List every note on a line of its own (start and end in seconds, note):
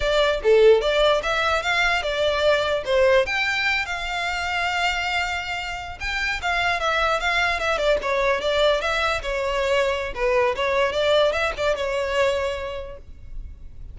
0.00 0.40 D5
0.43 0.81 A4
0.81 1.21 D5
1.22 1.62 E5
1.62 2.02 F5
2.02 2.83 D5
2.85 3.25 C5
3.26 3.85 G5
3.85 5.98 F5
5.99 6.40 G5
6.41 6.80 F5
6.80 7.20 E5
7.20 7.59 F5
7.59 7.77 E5
7.77 7.98 D5
8.02 8.40 C#5
8.40 8.81 D5
8.81 9.21 E5
9.22 10.13 C#5
10.14 10.55 B4
10.55 10.92 C#5
10.92 11.32 D5
11.32 11.52 E5
11.57 11.76 D5
11.76 12.97 C#5